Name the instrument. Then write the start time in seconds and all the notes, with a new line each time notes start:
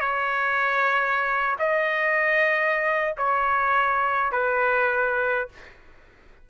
trumpet
0.00 C#5
1.59 D#5
3.17 C#5
4.32 B4